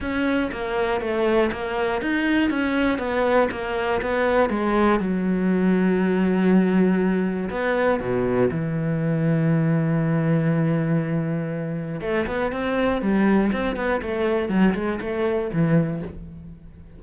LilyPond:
\new Staff \with { instrumentName = "cello" } { \time 4/4 \tempo 4 = 120 cis'4 ais4 a4 ais4 | dis'4 cis'4 b4 ais4 | b4 gis4 fis2~ | fis2. b4 |
b,4 e2.~ | e1 | a8 b8 c'4 g4 c'8 b8 | a4 fis8 gis8 a4 e4 | }